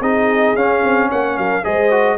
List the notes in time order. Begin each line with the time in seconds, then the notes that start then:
0.00 C4 D#4 G#4 D#5
0.55 C#4 F5
0.84 C4
1.09 A#3 C#5 F#5
1.37 F#3 A#4 F5
1.64 G#3 G#4 C5 D#5
1.91 F#4